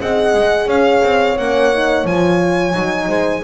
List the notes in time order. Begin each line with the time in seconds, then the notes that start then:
0.00 C4 G#4 D#5 F#5
0.33 G#3
0.66 C#4 C#5 F5
1.03 C4
1.37 A#3 C#4 F#5
1.72 D#4
2.04 F3 F4 G#5
2.73 F#3 D#4
3.08 G#3 C5